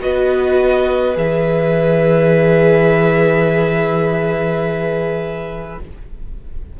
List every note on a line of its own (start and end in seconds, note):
0.00 1.16 B3
0.00 1.14 F#4
0.00 5.80 B4
0.00 1.17 D#5
1.14 5.78 E3
1.14 5.76 G#4
1.14 5.79 E5